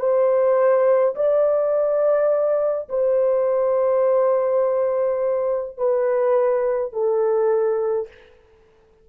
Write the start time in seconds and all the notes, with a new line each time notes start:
0.00 C5
1.16 D5
2.90 C5
5.78 B4
6.93 A4